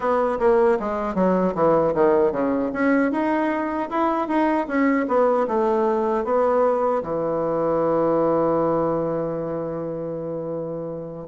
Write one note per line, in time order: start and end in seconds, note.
0.00 0.38 B3
0.39 0.78 A#3
0.79 1.14 G#3
1.14 1.53 F#3
1.54 1.93 E3
1.94 2.32 D#3
2.32 2.71 C#3
2.73 3.11 C#4
3.11 3.89 D#4
3.90 4.28 E4
4.28 4.67 D#4
4.67 5.06 C#4
5.08 5.47 B3
5.47 6.24 A3
6.24 7.02 B3
7.03 11.27 E3